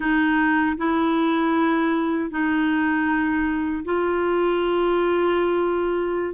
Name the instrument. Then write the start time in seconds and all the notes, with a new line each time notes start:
clarinet
0.00 D#4
0.77 E4
2.30 D#4
3.84 F4